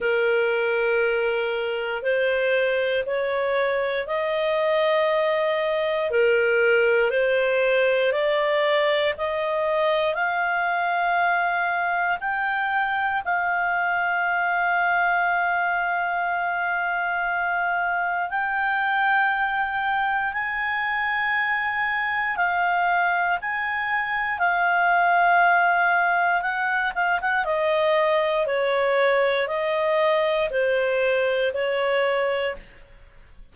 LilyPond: \new Staff \with { instrumentName = "clarinet" } { \time 4/4 \tempo 4 = 59 ais'2 c''4 cis''4 | dis''2 ais'4 c''4 | d''4 dis''4 f''2 | g''4 f''2.~ |
f''2 g''2 | gis''2 f''4 gis''4 | f''2 fis''8 f''16 fis''16 dis''4 | cis''4 dis''4 c''4 cis''4 | }